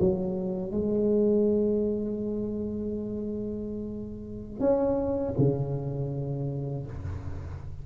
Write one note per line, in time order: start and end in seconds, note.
0.00 0.72 F#3
0.72 4.60 G#3
4.60 5.34 C#4
5.38 6.86 C#3